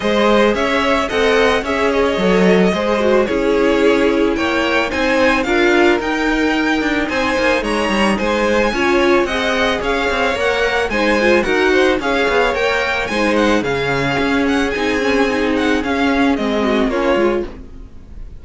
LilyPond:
<<
  \new Staff \with { instrumentName = "violin" } { \time 4/4 \tempo 4 = 110 dis''4 e''4 fis''4 e''8 dis''8~ | dis''2 cis''2 | g''4 gis''4 f''4 g''4~ | g''4 gis''4 ais''4 gis''4~ |
gis''4 fis''4 f''4 fis''4 | gis''4 fis''4 f''4 g''4 | gis''8 fis''8 f''4. fis''8 gis''4~ | gis''8 fis''8 f''4 dis''4 cis''4 | }
  \new Staff \with { instrumentName = "violin" } { \time 4/4 c''4 cis''4 dis''4 cis''4~ | cis''4 c''4 gis'2 | cis''4 c''4 ais'2~ | ais'4 c''4 cis''4 c''4 |
cis''4 dis''4 cis''2 | c''4 ais'8 c''8 cis''2 | c''4 gis'2.~ | gis'2~ gis'8 fis'8 f'4 | }
  \new Staff \with { instrumentName = "viola" } { \time 4/4 gis'2 a'4 gis'4 | a'4 gis'8 fis'8 e'2~ | e'4 dis'4 f'4 dis'4~ | dis'1 |
f'4 gis'2 ais'4 | dis'8 f'8 fis'4 gis'4 ais'4 | dis'4 cis'2 dis'8 cis'8 | dis'4 cis'4 c'4 cis'8 f'8 | }
  \new Staff \with { instrumentName = "cello" } { \time 4/4 gis4 cis'4 c'4 cis'4 | fis4 gis4 cis'2 | ais4 c'4 d'4 dis'4~ | dis'8 d'8 c'8 ais8 gis8 g8 gis4 |
cis'4 c'4 cis'8 c'8 ais4 | gis4 dis'4 cis'8 b8 ais4 | gis4 cis4 cis'4 c'4~ | c'4 cis'4 gis4 ais8 gis8 | }
>>